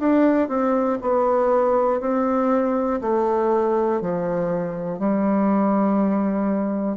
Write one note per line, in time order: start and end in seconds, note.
0.00 0.49 D4
0.49 0.99 C4
1.02 2.01 B3
2.01 3.01 C4
3.02 4.01 A3
4.01 4.99 F3
4.99 6.98 G3